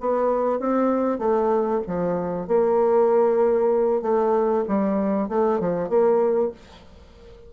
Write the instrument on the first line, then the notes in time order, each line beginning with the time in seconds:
bassoon
0.00 B3
0.59 C4
1.18 A3
1.87 F3
2.47 A#3
4.01 A3
4.67 G3
5.28 A3
5.59 F3
5.89 A#3